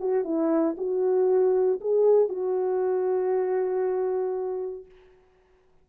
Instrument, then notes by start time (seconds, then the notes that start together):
horn
0.00 F#4
0.24 E4
0.78 F#4
1.81 G#4
2.29 F#4